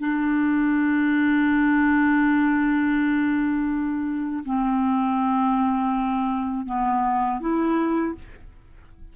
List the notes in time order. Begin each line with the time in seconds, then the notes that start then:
0.00 D4
4.45 C4
6.67 B3
7.41 E4